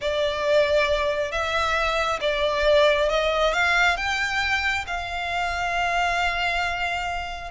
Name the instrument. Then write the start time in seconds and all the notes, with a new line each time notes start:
violin
0.01 D5
1.31 E5
2.21 D5
3.09 D#5
3.53 F5
3.97 G5
4.86 F5